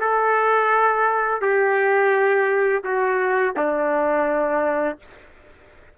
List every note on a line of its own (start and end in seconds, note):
0.00 1.41 A4
1.41 2.83 G4
2.84 3.54 F#4
3.56 4.98 D4